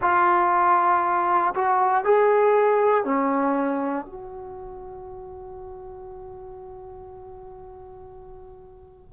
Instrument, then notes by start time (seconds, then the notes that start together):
trombone
0.01 F4
1.54 F#4
2.04 G#4
3.04 C#4
4.05 F#4